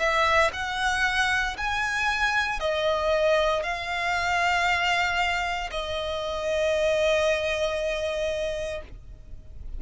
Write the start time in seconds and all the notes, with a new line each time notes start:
0.00 E5
0.54 F#5
1.58 G#5
2.61 D#5
3.63 F5
5.71 D#5